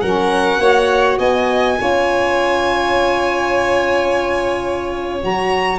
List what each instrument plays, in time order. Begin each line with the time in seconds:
0.00 tuba F#3, saxophone C#4, violin A#4 F#5
0.58 tuba A#3, saxophone F#4, violin C#5
1.18 tuba B3, violin D#5 G#5
1.77 tuba C#4, saxophone F4, violin C#5
5.20 tuba F#3, saxophone F#4, violin A#5